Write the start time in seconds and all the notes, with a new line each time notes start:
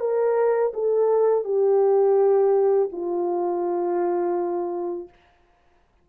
0.00 A#4
0.74 A4
1.45 G4
2.92 F4